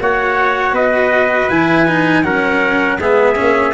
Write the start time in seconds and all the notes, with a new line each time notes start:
0.00 A#3 F#4 C#5 F#5
0.72 B3 B4 D#5
1.49 E3 E4 G#5
1.87 D#4
2.23 F#3 C#4 A#4 F#5
2.98 G#3 B3 G#4 E5
3.35 A#3 C#4